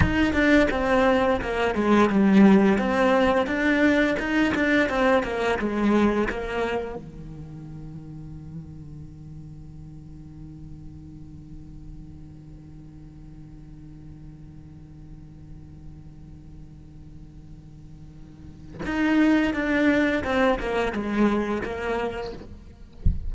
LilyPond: \new Staff \with { instrumentName = "cello" } { \time 4/4 \tempo 4 = 86 dis'8 d'8 c'4 ais8 gis8 g4 | c'4 d'4 dis'8 d'8 c'8 ais8 | gis4 ais4 dis2~ | dis1~ |
dis1~ | dis1~ | dis2. dis'4 | d'4 c'8 ais8 gis4 ais4 | }